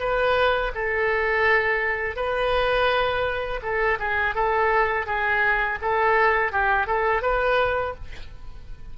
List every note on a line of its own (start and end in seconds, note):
0.00 0.72 B4
0.75 2.16 A4
2.16 3.61 B4
3.63 3.99 A4
4.00 4.35 G#4
4.35 5.07 A4
5.07 5.79 G#4
5.82 6.53 A4
6.53 6.87 G4
6.87 7.23 A4
7.23 7.95 B4